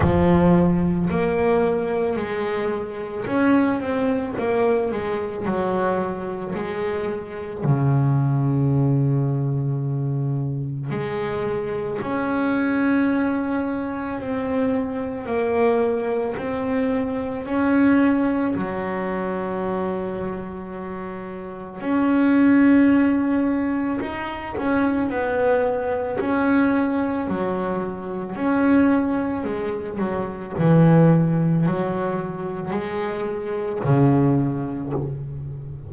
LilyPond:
\new Staff \with { instrumentName = "double bass" } { \time 4/4 \tempo 4 = 55 f4 ais4 gis4 cis'8 c'8 | ais8 gis8 fis4 gis4 cis4~ | cis2 gis4 cis'4~ | cis'4 c'4 ais4 c'4 |
cis'4 fis2. | cis'2 dis'8 cis'8 b4 | cis'4 fis4 cis'4 gis8 fis8 | e4 fis4 gis4 cis4 | }